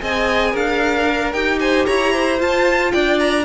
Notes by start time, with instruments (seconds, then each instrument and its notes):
0.00 cello C4, viola G#4, violin D#5 G#5
0.51 cello D4, violin A#4 F5
1.09 viola A#4
1.33 cello D#4, viola G4, violin G5
1.60 violin C5 G#5
1.86 cello E4, violin C#5 A#5
2.13 violin C5
2.39 viola F4, cello F4, violin A5
2.92 cello D4, violin D5 G5
3.19 violin A#5